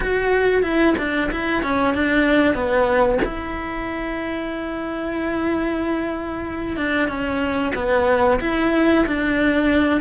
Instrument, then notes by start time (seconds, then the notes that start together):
cello
0.00 F#4
0.62 E4
0.98 D4
1.31 E4
1.62 C#4
1.94 D4
2.54 B3
3.24 E4
6.76 D4
7.08 C#4
7.74 B3
8.40 E4
9.06 D4